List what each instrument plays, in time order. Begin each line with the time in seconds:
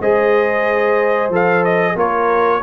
0.00 tuba G#3, trombone G#4, horn C5, trumpet D#5
1.30 tuba F3, trombone A4, trumpet F5
1.65 trumpet D#5
1.96 tuba A#3, trombone F4, horn A#4, trumpet C#5